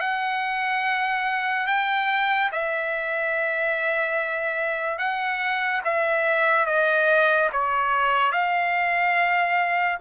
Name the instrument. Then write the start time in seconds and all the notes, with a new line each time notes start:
trumpet
0.00 F#5
1.67 G5
2.52 E5
4.98 F#5
5.84 E5
6.66 D#5
7.52 C#5
8.31 F5